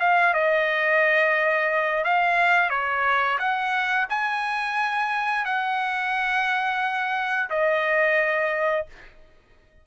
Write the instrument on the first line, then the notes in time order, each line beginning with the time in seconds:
trumpet
0.00 F5
0.34 D#5
2.05 F5
2.70 C#5
3.39 F#5
4.09 G#5
5.45 F#5
7.50 D#5